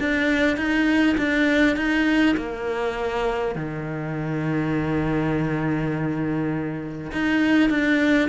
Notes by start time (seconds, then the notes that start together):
0.00 D4
0.57 D#4
1.18 D4
1.77 D#4
2.37 A#3
3.55 D#3
7.12 D#4
7.70 D4